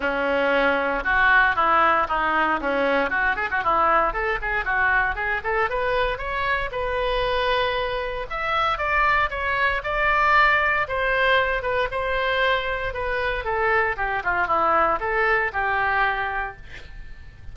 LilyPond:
\new Staff \with { instrumentName = "oboe" } { \time 4/4 \tempo 4 = 116 cis'2 fis'4 e'4 | dis'4 cis'4 fis'8 gis'16 fis'16 e'4 | a'8 gis'8 fis'4 gis'8 a'8 b'4 | cis''4 b'2. |
e''4 d''4 cis''4 d''4~ | d''4 c''4. b'8 c''4~ | c''4 b'4 a'4 g'8 f'8 | e'4 a'4 g'2 | }